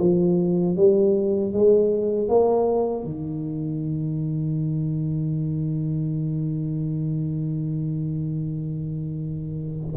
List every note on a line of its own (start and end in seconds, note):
0.00 0.77 F3
0.77 1.53 G3
1.53 2.29 G#3
2.29 3.05 A#3
3.05 9.97 D#3